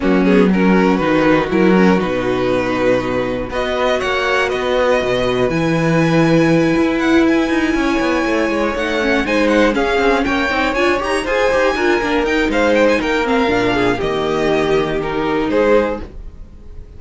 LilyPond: <<
  \new Staff \with { instrumentName = "violin" } { \time 4/4 \tempo 4 = 120 fis'8 gis'8 ais'4 b'4 ais'4 | b'2. dis''4 | fis''4 dis''2 gis''4~ | gis''2 fis''8 gis''4.~ |
gis''4. fis''4 gis''8 fis''8 f''8~ | f''8 g''4 gis''8 ais''8 gis''4.~ | gis''8 g''8 f''8 g''16 gis''16 g''8 f''4. | dis''2 ais'4 c''4 | }
  \new Staff \with { instrumentName = "violin" } { \time 4/4 cis'4 fis'2.~ | fis'2. b'4 | cis''4 b'2.~ | b'2.~ b'8 cis''8~ |
cis''2~ cis''8 c''4 gis'8~ | gis'8 cis''2 c''4 ais'8~ | ais'4 c''4 ais'4. gis'8 | g'2. gis'4 | }
  \new Staff \with { instrumentName = "viola" } { \time 4/4 ais8 b8 cis'4 dis'4 e'8 cis'8 | dis'2. fis'4~ | fis'2. e'4~ | e'1~ |
e'4. dis'8 cis'8 dis'4 cis'8~ | cis'4 dis'8 f'8 g'8 gis'8 g'8 f'8 | d'8 dis'2 c'8 d'4 | ais2 dis'2 | }
  \new Staff \with { instrumentName = "cello" } { \time 4/4 fis2 dis4 fis4 | b,2. b4 | ais4 b4 b,4 e4~ | e4. e'4. dis'8 cis'8 |
b8 a8 gis8 a4 gis4 cis'8 | c'8 ais8 c'8 d'8 dis'8 f'8 dis'8 d'8 | ais8 dis'8 gis4 ais4 ais,4 | dis2. gis4 | }
>>